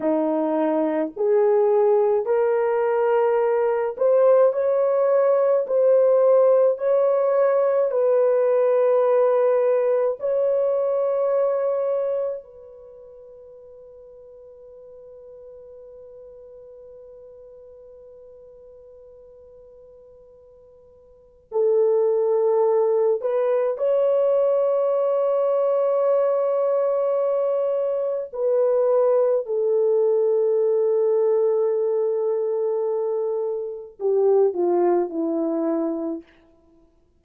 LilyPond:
\new Staff \with { instrumentName = "horn" } { \time 4/4 \tempo 4 = 53 dis'4 gis'4 ais'4. c''8 | cis''4 c''4 cis''4 b'4~ | b'4 cis''2 b'4~ | b'1~ |
b'2. a'4~ | a'8 b'8 cis''2.~ | cis''4 b'4 a'2~ | a'2 g'8 f'8 e'4 | }